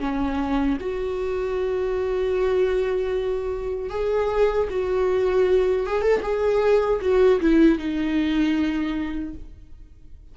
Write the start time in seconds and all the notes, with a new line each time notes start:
0.00 C#4
0.81 F#4
3.90 G#4
4.70 F#4
5.87 G#4
6.02 A4
6.23 G#4
7.01 F#4
7.41 E4
7.79 D#4